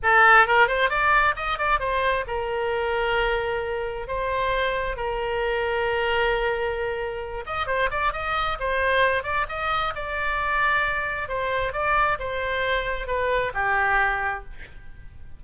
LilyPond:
\new Staff \with { instrumentName = "oboe" } { \time 4/4 \tempo 4 = 133 a'4 ais'8 c''8 d''4 dis''8 d''8 | c''4 ais'2.~ | ais'4 c''2 ais'4~ | ais'1~ |
ais'8 dis''8 c''8 d''8 dis''4 c''4~ | c''8 d''8 dis''4 d''2~ | d''4 c''4 d''4 c''4~ | c''4 b'4 g'2 | }